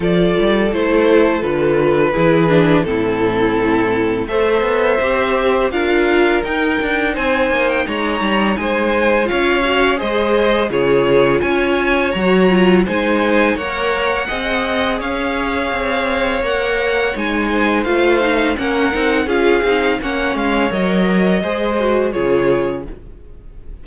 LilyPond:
<<
  \new Staff \with { instrumentName = "violin" } { \time 4/4 \tempo 4 = 84 d''4 c''4 b'2 | a'2 e''2 | f''4 g''4 gis''8. g''16 ais''4 | gis''4 f''4 dis''4 cis''4 |
gis''4 ais''4 gis''4 fis''4~ | fis''4 f''2 fis''4 | gis''4 f''4 fis''4 f''4 | fis''8 f''8 dis''2 cis''4 | }
  \new Staff \with { instrumentName = "violin" } { \time 4/4 a'2. gis'4 | e'2 c''2 | ais'2 c''4 cis''4 | c''4 cis''4 c''4 gis'4 |
cis''2 c''4 cis''4 | dis''4 cis''2.~ | cis''8 c''4. ais'4 gis'4 | cis''2 c''4 gis'4 | }
  \new Staff \with { instrumentName = "viola" } { \time 4/4 f'4 e'4 f'4 e'8 d'8 | c'2 a'4 g'4 | f'4 dis'2.~ | dis'4 f'8 fis'8 gis'4 f'4~ |
f'4 fis'8 f'8 dis'4 ais'4 | gis'2. ais'4 | dis'4 f'8 dis'8 cis'8 dis'8 f'8 dis'8 | cis'4 ais'4 gis'8 fis'8 f'4 | }
  \new Staff \with { instrumentName = "cello" } { \time 4/4 f8 g8 a4 d4 e4 | a,2 a8 b8 c'4 | d'4 dis'8 d'8 c'8 ais8 gis8 g8 | gis4 cis'4 gis4 cis4 |
cis'4 fis4 gis4 ais4 | c'4 cis'4 c'4 ais4 | gis4 a4 ais8 c'8 cis'8 c'8 | ais8 gis8 fis4 gis4 cis4 | }
>>